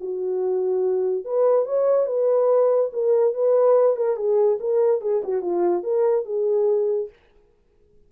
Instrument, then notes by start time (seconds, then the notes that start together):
horn
0.00 F#4
1.24 B4
1.65 C#5
2.06 B4
2.92 A#4
3.34 B4
3.96 A#4
4.16 G#4
4.59 A#4
5.01 G#4
5.24 F#4
5.41 F4
5.83 A#4
6.25 G#4